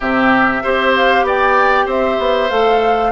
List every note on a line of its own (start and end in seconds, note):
0.00 0.63 C3
0.00 0.63 C4
0.00 0.62 G4
0.00 0.94 E5
0.63 1.23 C4
0.63 2.50 G4
0.63 1.25 C5
0.95 1.26 F5
1.23 1.85 B3
1.23 1.85 D5
1.23 1.89 G5
1.85 2.17 C4
1.85 3.10 C5
1.85 2.49 E5
2.18 2.50 B3
2.49 3.12 A3
2.49 3.12 A4
2.49 3.12 F5